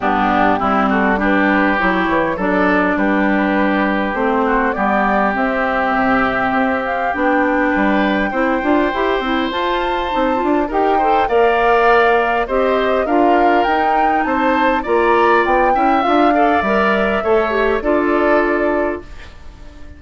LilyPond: <<
  \new Staff \with { instrumentName = "flute" } { \time 4/4 \tempo 4 = 101 g'4. a'8 b'4 cis''4 | d''4 b'2 c''4 | d''4 e''2~ e''8 f''8 | g''1 |
a''2 g''4 f''4~ | f''4 dis''4 f''4 g''4 | a''4 ais''4 g''4 f''4 | e''2 d''2 | }
  \new Staff \with { instrumentName = "oboe" } { \time 4/4 d'4 e'8 fis'8 g'2 | a'4 g'2~ g'8 fis'8 | g'1~ | g'4 b'4 c''2~ |
c''2 ais'8 c''8 d''4~ | d''4 c''4 ais'2 | c''4 d''4. e''4 d''8~ | d''4 cis''4 a'2 | }
  \new Staff \with { instrumentName = "clarinet" } { \time 4/4 b4 c'4 d'4 e'4 | d'2. c'4 | b4 c'2. | d'2 e'8 f'8 g'8 e'8 |
f'4 dis'8 f'8 g'8 a'8 ais'4~ | ais'4 g'4 f'4 dis'4~ | dis'4 f'4. e'8 f'8 a'8 | ais'4 a'8 g'8 f'2 | }
  \new Staff \with { instrumentName = "bassoon" } { \time 4/4 g,4 g2 fis8 e8 | fis4 g2 a4 | g4 c'4 c4 c'4 | b4 g4 c'8 d'8 e'8 c'8 |
f'4 c'8 d'8 dis'4 ais4~ | ais4 c'4 d'4 dis'4 | c'4 ais4 b8 cis'8 d'4 | g4 a4 d'2 | }
>>